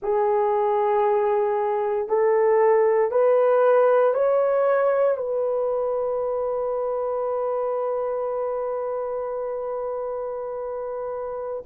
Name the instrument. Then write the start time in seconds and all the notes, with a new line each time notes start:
horn
0.02 G#4
2.08 A4
3.11 B4
4.14 C#5
5.17 B4